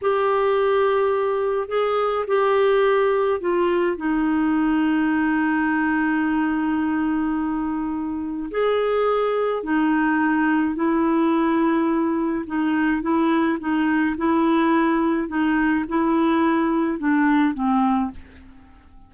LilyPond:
\new Staff \with { instrumentName = "clarinet" } { \time 4/4 \tempo 4 = 106 g'2. gis'4 | g'2 f'4 dis'4~ | dis'1~ | dis'2. gis'4~ |
gis'4 dis'2 e'4~ | e'2 dis'4 e'4 | dis'4 e'2 dis'4 | e'2 d'4 c'4 | }